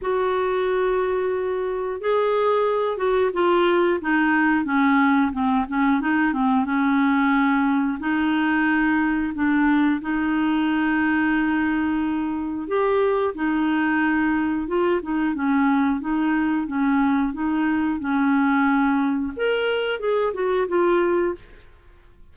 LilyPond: \new Staff \with { instrumentName = "clarinet" } { \time 4/4 \tempo 4 = 90 fis'2. gis'4~ | gis'8 fis'8 f'4 dis'4 cis'4 | c'8 cis'8 dis'8 c'8 cis'2 | dis'2 d'4 dis'4~ |
dis'2. g'4 | dis'2 f'8 dis'8 cis'4 | dis'4 cis'4 dis'4 cis'4~ | cis'4 ais'4 gis'8 fis'8 f'4 | }